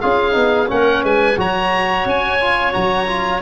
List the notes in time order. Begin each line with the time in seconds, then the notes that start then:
0.00 C#4 F4 G#4 F5
0.32 B3 D#4
0.68 A#3 C#4 A#4 F#5
1.03 G#3 B4 G#5
1.38 F#3 F#4 C#5 A#5
2.05 C#4 G#5
2.40 F4
2.72 F#3 F#4 A#5
3.07 F4